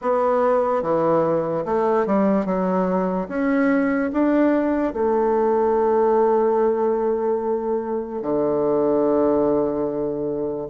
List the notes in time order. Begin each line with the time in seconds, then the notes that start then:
0.01 B3
0.82 E3
1.65 A3
2.06 G3
2.45 F#3
3.28 C#4
4.12 D4
4.93 A3
8.22 D3